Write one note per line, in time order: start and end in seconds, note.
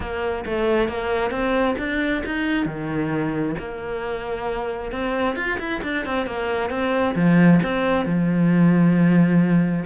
0.00 0.45 A#3
0.45 0.88 A3
0.88 1.30 A#3
1.30 1.75 C4
1.78 2.23 D4
2.25 2.65 D#4
2.65 3.55 D#3
3.59 4.91 A#3
4.91 5.35 C4
5.35 5.58 F4
5.59 5.81 E4
5.83 6.05 D4
6.05 6.26 C4
6.26 6.70 A#3
6.70 7.14 C4
7.15 7.60 F3
7.62 8.05 C4
8.05 9.84 F3